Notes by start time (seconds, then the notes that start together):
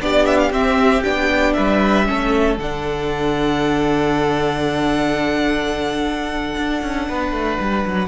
0.00 B3 D4 G4 D5
0.25 E5
0.38 F5
0.51 C4 E5
1.03 B3 D4 G5
1.53 G3 B4 E5
2.06 A3 C#4 A4
2.57 D3 D4 F#5
6.57 D4
6.82 C#4
7.08 B3 B4
7.32 A3
7.59 G3
7.85 F#3